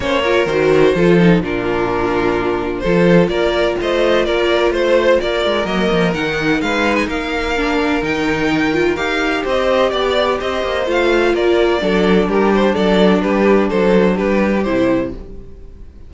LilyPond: <<
  \new Staff \with { instrumentName = "violin" } { \time 4/4 \tempo 4 = 127 cis''4 c''2 ais'4~ | ais'2 c''4 d''4 | dis''4 d''4 c''4 d''4 | dis''4 fis''4 f''8. gis''16 f''4~ |
f''4 g''2 f''4 | dis''4 d''4 dis''4 f''4 | d''2 ais'8 c''8 d''4 | b'4 c''4 b'4 c''4 | }
  \new Staff \with { instrumentName = "violin" } { \time 4/4 c''8 ais'4. a'4 f'4~ | f'2 a'4 ais'4 | c''4 ais'4 c''4 ais'4~ | ais'2 b'4 ais'4~ |
ais'1 | c''4 d''4 c''2 | ais'4 a'4 g'4 a'4 | g'4 a'4 g'2 | }
  \new Staff \with { instrumentName = "viola" } { \time 4/4 cis'8 f'8 fis'4 f'8 dis'8 d'4~ | d'2 f'2~ | f'1 | ais4 dis'2. |
d'4 dis'4. f'8 g'4~ | g'2. f'4~ | f'4 d'2.~ | d'2. e'4 | }
  \new Staff \with { instrumentName = "cello" } { \time 4/4 ais4 dis4 f4 ais,4~ | ais,2 f4 ais4 | a4 ais4 a4 ais8 gis8 | fis8 f8 dis4 gis4 ais4~ |
ais4 dis2 dis'4 | c'4 b4 c'8 ais8 a4 | ais4 fis4 g4 fis4 | g4 fis4 g4 c4 | }
>>